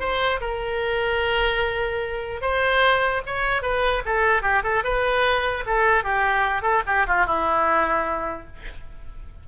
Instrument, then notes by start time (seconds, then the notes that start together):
oboe
0.00 C5
0.41 A#4
2.41 C5
3.26 C#5
3.62 B4
4.06 A4
4.43 G4
4.63 A4
4.84 B4
5.66 A4
6.04 G4
6.62 A4
6.87 G4
7.07 F4
7.26 E4